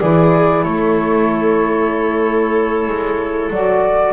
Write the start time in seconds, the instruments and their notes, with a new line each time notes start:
0.00 double bass E3, saxophone E4, viola G#4, flute D5
0.64 double bass A3, viola A4, flute C#5
2.87 double bass G#3
3.50 double bass F#3, saxophone F#4, flute D5